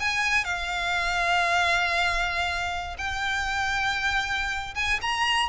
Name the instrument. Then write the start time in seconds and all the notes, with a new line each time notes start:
violin
0.00 G#5
0.44 F5
2.98 G5
4.75 G#5
5.02 A#5